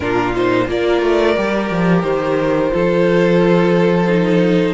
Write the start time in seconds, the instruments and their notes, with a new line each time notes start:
0.00 cello A#2, viola D4, violin F4 A#4
0.35 viola D#4, violin C5
0.68 cello A#3, viola F4, violin A#4 D5
1.02 cello A3
1.35 cello G3, viola G4
1.70 cello F3
2.02 cello D#3, violin C5
2.70 cello F3, viola F4, violin A4
4.07 viola D#4